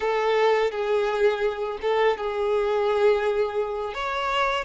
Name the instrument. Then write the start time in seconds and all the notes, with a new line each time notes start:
violin
0.00 A4
0.71 G#4
1.81 A4
2.17 G#4
3.94 C#5